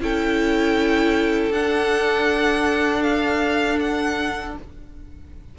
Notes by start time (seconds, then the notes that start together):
0.00 C#4 E4 A4 G5
1.50 D4 F#5
3.03 F5
3.80 F#5